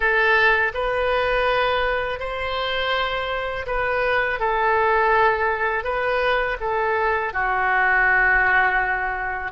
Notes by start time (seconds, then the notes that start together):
0.00 A4
0.74 B4
2.19 C5
3.66 B4
4.39 A4
5.84 B4
6.60 A4
7.33 F#4